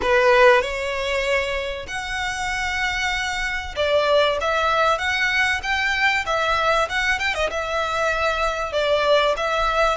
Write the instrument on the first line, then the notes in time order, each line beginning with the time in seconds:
violin
0.02 B4
0.61 C#5
1.87 F#5
3.76 D5
4.41 E5
4.98 F#5
5.62 G5
6.26 E5
6.89 F#5
7.19 G5
7.34 D#5
7.50 E5
8.72 D5
9.37 E5